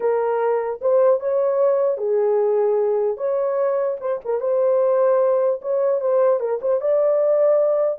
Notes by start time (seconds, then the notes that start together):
0.00 A#4
0.81 C5
1.20 C#5
1.97 G#4
3.17 C#5
4.00 C5
4.24 A#4
4.40 C5
5.61 C#5
6.00 C5
6.39 A#4
6.61 C5
6.81 D5